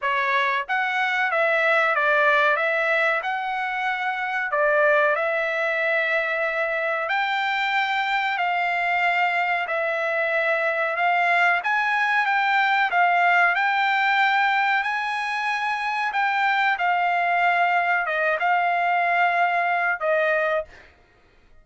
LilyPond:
\new Staff \with { instrumentName = "trumpet" } { \time 4/4 \tempo 4 = 93 cis''4 fis''4 e''4 d''4 | e''4 fis''2 d''4 | e''2. g''4~ | g''4 f''2 e''4~ |
e''4 f''4 gis''4 g''4 | f''4 g''2 gis''4~ | gis''4 g''4 f''2 | dis''8 f''2~ f''8 dis''4 | }